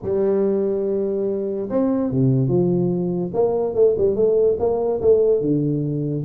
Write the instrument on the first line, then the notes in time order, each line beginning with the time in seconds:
tuba
0.02 G3
1.69 C4
2.10 C3
2.48 F3
3.33 A#3
3.74 A3
3.97 G3
4.15 A3
4.59 A#3
5.01 A3
5.41 D3